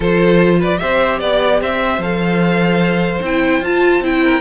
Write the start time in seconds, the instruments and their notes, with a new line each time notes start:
0.00 cello F3, viola F4, violin A4 C5
0.59 violin B4 D5
0.78 cello C4, viola G4, violin C5 E5
1.19 cello B3, violin D5
1.61 cello C4, violin C5 E5
1.98 cello F3, viola A4, violin F5
3.21 cello C4, viola E4, violin G5
3.60 cello F4, viola F4, violin A5
4.01 cello C4, viola E4, violin G5
4.24 violin A#4